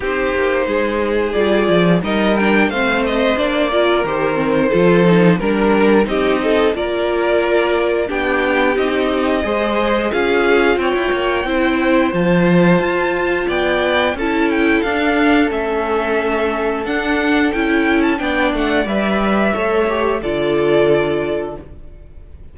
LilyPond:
<<
  \new Staff \with { instrumentName = "violin" } { \time 4/4 \tempo 4 = 89 c''2 d''4 dis''8 g''8 | f''8 dis''8 d''4 c''2 | ais'4 dis''4 d''2 | g''4 dis''2 f''4 |
g''2 a''2 | g''4 a''8 g''8 f''4 e''4~ | e''4 fis''4 g''8. a''16 g''8 fis''8 | e''2 d''2 | }
  \new Staff \with { instrumentName = "violin" } { \time 4/4 g'4 gis'2 ais'4 | c''4. ais'4. a'4 | ais'4 g'8 a'8 ais'2 | g'2 c''4 gis'4 |
cis''4 c''2. | d''4 a'2.~ | a'2. d''4~ | d''4 cis''4 a'2 | }
  \new Staff \with { instrumentName = "viola" } { \time 4/4 dis'2 f'4 dis'8 d'8 | c'4 d'8 f'8 g'8 c'8 f'8 dis'8 | d'4 dis'4 f'2 | d'4 dis'4 gis'4 f'4~ |
f'4 e'4 f'2~ | f'4 e'4 d'4 cis'4~ | cis'4 d'4 e'4 d'4 | b'4 a'8 g'8 f'2 | }
  \new Staff \with { instrumentName = "cello" } { \time 4/4 c'8 ais8 gis4 g8 f8 g4 | a4 ais4 dis4 f4 | g4 c'4 ais2 | b4 c'4 gis4 cis'4 |
c'16 e'16 ais8 c'4 f4 f'4 | b4 cis'4 d'4 a4~ | a4 d'4 cis'4 b8 a8 | g4 a4 d2 | }
>>